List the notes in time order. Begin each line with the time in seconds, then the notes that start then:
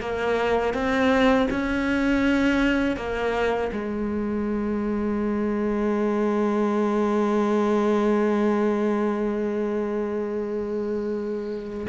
0.00 A#3
0.74 C4
1.51 C#4
2.97 A#3
3.72 G#3